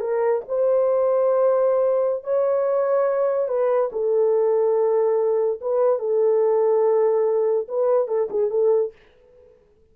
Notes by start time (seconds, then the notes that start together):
0.00 A#4
0.48 C5
2.24 C#5
3.48 B4
3.92 A4
5.61 B4
5.99 A4
7.68 B4
8.08 A4
8.30 G#4
8.50 A4